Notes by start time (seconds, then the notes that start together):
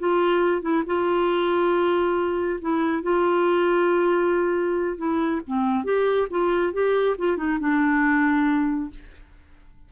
0.00 F4
0.62 E4
0.87 F4
2.61 E4
3.03 F4
4.98 E4
5.47 C4
5.85 G4
6.30 F4
6.73 G4
7.18 F4
7.37 D#4
7.60 D4